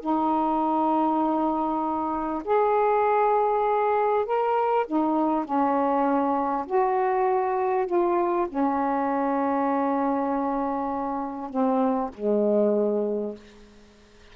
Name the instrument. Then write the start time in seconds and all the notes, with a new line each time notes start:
saxophone
0.00 D#4
2.44 G#4
4.25 A#4
4.87 D#4
5.45 C#4
6.66 F#4
7.86 F4
8.48 C#4
11.50 C4
12.14 G#3